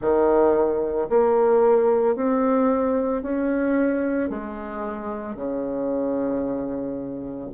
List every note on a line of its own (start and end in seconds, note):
0.00 1.08 D#3
1.09 2.15 A#3
2.15 3.22 C4
3.22 4.29 C#4
4.29 5.35 G#3
5.35 7.50 C#3